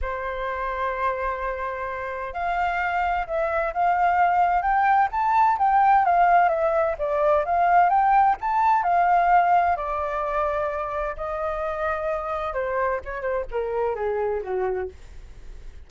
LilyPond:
\new Staff \with { instrumentName = "flute" } { \time 4/4 \tempo 4 = 129 c''1~ | c''4 f''2 e''4 | f''2 g''4 a''4 | g''4 f''4 e''4 d''4 |
f''4 g''4 a''4 f''4~ | f''4 d''2. | dis''2. c''4 | cis''8 c''8 ais'4 gis'4 fis'4 | }